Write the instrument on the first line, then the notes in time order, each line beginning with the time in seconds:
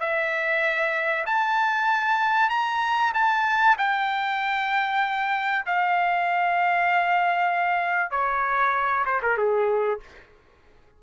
trumpet
0.00 E5
1.26 A5
2.50 A#5
3.14 A5
3.78 G5
5.66 F5
8.11 C#5
9.06 C5
9.22 A#4
9.38 G#4